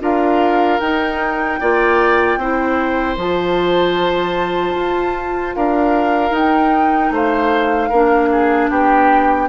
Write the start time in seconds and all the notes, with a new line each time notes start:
0.00 D4 F4 A#4 F5
0.80 D#4 G5
1.60 A#3 F4 D5
2.37 C4 E4 C5
3.16 F3 F4 A5
4.75 F4
5.55 D4 A#4 F5
6.30 D#4 G5
7.10 A3 C5 F5
7.89 A#3 D4 A#4
8.31 G#4
8.69 B3 G4 G5